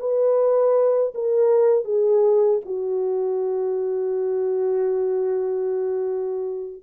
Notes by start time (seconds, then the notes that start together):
0.00 B4
1.15 A#4
1.85 G#4
2.66 F#4